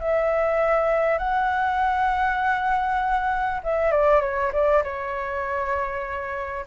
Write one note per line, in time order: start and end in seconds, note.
0.00 1.18 E5
1.18 3.61 F#5
3.63 3.91 E5
3.91 4.21 D5
4.21 4.51 C#5
4.52 4.83 D5
4.83 6.65 C#5